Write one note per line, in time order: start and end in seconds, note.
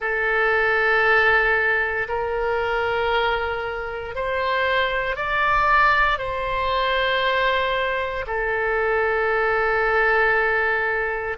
0.00 2.07 A4
2.08 4.15 A#4
4.15 5.16 C5
5.16 6.18 D5
6.18 8.25 C5
8.26 11.37 A4